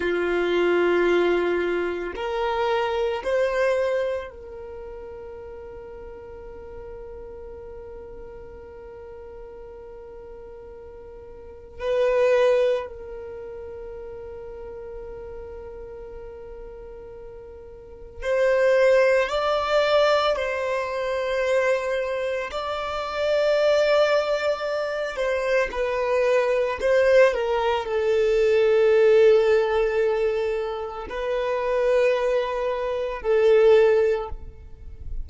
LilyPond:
\new Staff \with { instrumentName = "violin" } { \time 4/4 \tempo 4 = 56 f'2 ais'4 c''4 | ais'1~ | ais'2. b'4 | ais'1~ |
ais'4 c''4 d''4 c''4~ | c''4 d''2~ d''8 c''8 | b'4 c''8 ais'8 a'2~ | a'4 b'2 a'4 | }